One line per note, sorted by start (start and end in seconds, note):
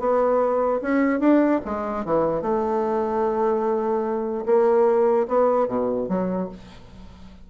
0.00 0.81 B3
0.83 1.21 C#4
1.21 1.61 D4
1.66 2.05 G#3
2.05 2.43 E3
2.43 4.45 A3
4.46 5.27 A#3
5.29 5.68 B3
5.68 6.09 B2
6.09 6.50 F#3